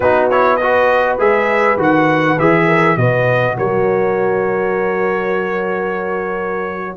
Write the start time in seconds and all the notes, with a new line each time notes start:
0.00 B3 D#4 F#4 B4
0.30 E4 C#5
0.56 F#4 B4 D#5
1.18 G#3 G#4 E5
1.77 D#3 F#4 F#5
2.39 E3 G#4 E5
2.66 A#4
2.97 B2 F#4 B4 D#5
3.57 F#3 A#4 C#5